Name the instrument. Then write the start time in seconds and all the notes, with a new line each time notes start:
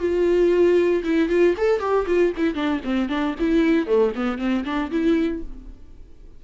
viola
0.00 F4
1.04 E4
1.29 F4
1.58 A4
1.80 G4
2.07 F4
2.37 E4
2.55 D4
2.84 C4
3.09 D4
3.40 E4
3.87 A3
4.15 B3
4.38 C4
4.65 D4
4.91 E4